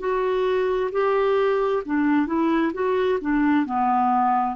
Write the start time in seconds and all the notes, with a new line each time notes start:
0.00 F#4
0.93 G4
1.86 D4
2.27 E4
2.74 F#4
3.21 D4
3.66 B3